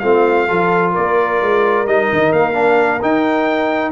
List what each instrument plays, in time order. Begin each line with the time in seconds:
0.00 tuba A3, trombone C4, horn F4, trumpet F5
0.48 tuba F3, trombone F4, horn A4
0.93 tuba A#3, horn A#4, trumpet D5
1.42 tuba G#3
1.86 tuba G3, trombone D#4, trumpet D#5
2.13 tuba D#3
2.32 tuba A#3, trumpet F5
2.54 trombone D4
3.02 trombone D#4, tuba D#4, trumpet G5